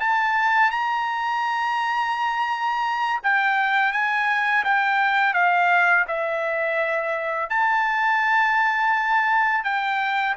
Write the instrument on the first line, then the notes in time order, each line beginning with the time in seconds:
trumpet
0.00 A5
0.71 A#5
3.23 G5
3.93 G#5
4.65 G5
5.34 F5
6.08 E5
7.50 A5
9.64 G5